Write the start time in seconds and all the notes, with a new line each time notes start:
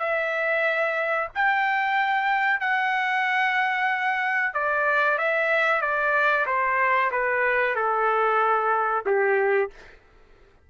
0.00 E5
1.35 G5
2.61 F#5
4.54 D5
5.19 E5
5.82 D5
6.47 C5
7.12 B4
7.76 A4
9.06 G4